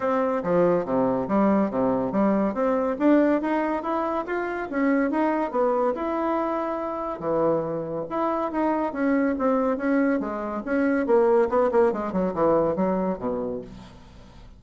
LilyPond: \new Staff \with { instrumentName = "bassoon" } { \time 4/4 \tempo 4 = 141 c'4 f4 c4 g4 | c4 g4 c'4 d'4 | dis'4 e'4 f'4 cis'4 | dis'4 b4 e'2~ |
e'4 e2 e'4 | dis'4 cis'4 c'4 cis'4 | gis4 cis'4 ais4 b8 ais8 | gis8 fis8 e4 fis4 b,4 | }